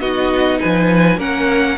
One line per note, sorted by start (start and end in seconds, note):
0.00 0.59 B3
0.00 1.19 D#4
0.00 0.60 F#4
0.00 0.60 D#5
0.60 1.18 F3
0.60 1.19 B4
0.60 1.20 G#5
1.18 1.77 A#3
1.18 1.78 C#4
1.18 1.78 A#4
1.18 1.78 F#5